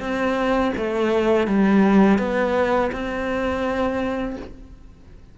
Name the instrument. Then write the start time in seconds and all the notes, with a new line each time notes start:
cello
0.00 C4
0.77 A3
1.47 G3
2.19 B3
2.92 C4